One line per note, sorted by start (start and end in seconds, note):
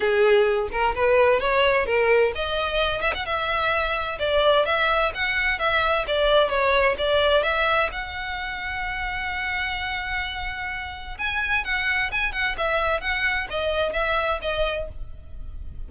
0.00 0.68 G#4
0.71 0.95 A#4
0.95 1.40 B4
1.40 1.86 C#5
1.86 2.32 A#4
2.35 3.01 D#5
3.01 3.13 E5
3.14 3.25 F#5
3.25 4.18 E5
4.19 4.65 D5
4.65 5.12 E5
5.14 5.58 F#5
5.58 6.05 E5
6.07 6.49 D5
6.49 6.95 C#5
6.98 7.43 D5
7.43 7.89 E5
7.92 11.17 F#5
11.18 11.64 G#5
11.64 12.10 F#5
12.11 12.32 G#5
12.32 12.55 F#5
12.57 13.01 E5
13.01 13.47 F#5
13.49 13.93 D#5
13.93 14.39 E5
14.41 14.88 D#5